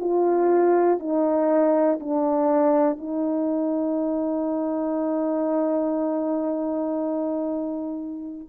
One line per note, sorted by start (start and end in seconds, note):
0.00 0.99 F4
0.99 1.99 D#4
2.00 2.98 D4
2.98 8.48 D#4